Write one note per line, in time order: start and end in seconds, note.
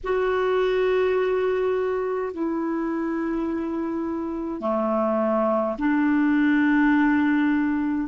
0.03 2.33 F#4
2.33 4.60 E4
4.60 5.76 A3
5.78 8.08 D4